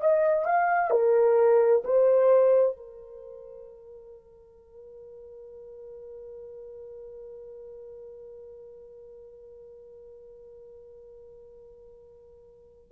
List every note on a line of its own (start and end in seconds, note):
0.00 0.45 D#5
0.45 0.90 F5
0.90 1.83 A#4
1.84 2.76 C5
2.76 12.91 A#4